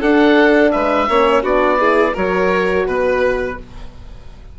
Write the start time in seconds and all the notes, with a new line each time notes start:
0.00 D4 A4 F#5
0.71 G#3 B4 E5
1.08 A#3 C#4 C#5
1.42 B3 D4 F#4 D5
1.78 E4 G#4
2.14 F#3 F#4 A#4 C#5
2.86 B2 B4